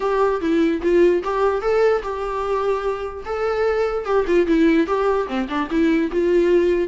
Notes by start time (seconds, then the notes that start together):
0.00 G4
0.40 E4
0.82 F4
1.23 G4
1.61 A4
2.02 G4
3.25 A4
4.05 G4
4.27 F4
4.46 E4
4.86 G4
5.27 C4
5.48 D4
5.70 E4
6.11 F4